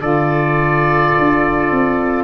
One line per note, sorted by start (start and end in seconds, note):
0.00 1.13 D3
0.00 2.24 F4
0.00 2.24 A4
0.00 2.24 D5
1.18 1.71 D4
1.71 2.24 C4